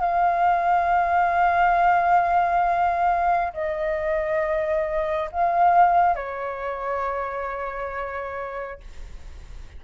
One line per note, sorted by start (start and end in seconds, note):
0.00 3.53 F5
3.53 5.30 D#5
5.32 6.15 F5
6.15 8.80 C#5